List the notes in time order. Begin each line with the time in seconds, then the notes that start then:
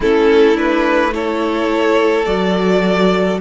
0.00 A3 C#4 E4 A4
0.55 D4 B4
1.11 E4 A4 C#5
2.25 F#3 F#4 D5